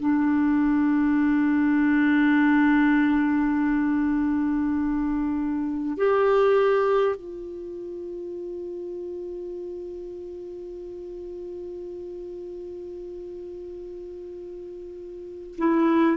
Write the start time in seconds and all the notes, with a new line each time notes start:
0.00 D4
5.97 G4
7.16 F4
15.58 E4